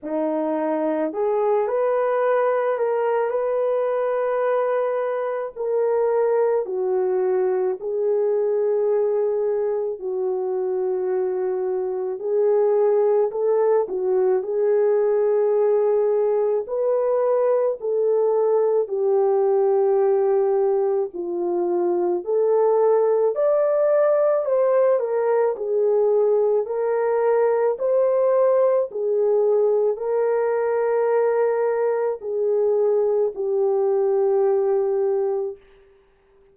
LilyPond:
\new Staff \with { instrumentName = "horn" } { \time 4/4 \tempo 4 = 54 dis'4 gis'8 b'4 ais'8 b'4~ | b'4 ais'4 fis'4 gis'4~ | gis'4 fis'2 gis'4 | a'8 fis'8 gis'2 b'4 |
a'4 g'2 f'4 | a'4 d''4 c''8 ais'8 gis'4 | ais'4 c''4 gis'4 ais'4~ | ais'4 gis'4 g'2 | }